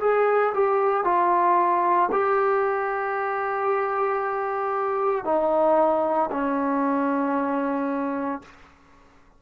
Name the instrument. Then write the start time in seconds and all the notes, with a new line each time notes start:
trombone
0.00 G#4
0.54 G4
1.04 F4
2.11 G4
5.24 D#4
6.31 C#4